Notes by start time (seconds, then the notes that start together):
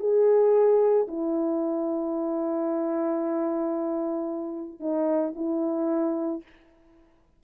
0.00 G#4
1.08 E4
4.80 D#4
5.36 E4